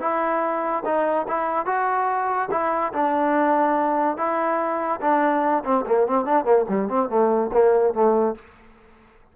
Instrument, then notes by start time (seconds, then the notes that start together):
trombone
0.00 E4
0.85 D#4
1.27 E4
1.66 F#4
2.51 E4
2.93 D4
4.17 E4
5.01 D4
5.64 C4
5.86 A#3
6.07 C4
6.25 D4
6.45 A#3
6.69 G3
6.89 C4
7.09 A3
7.53 A#3
7.94 A3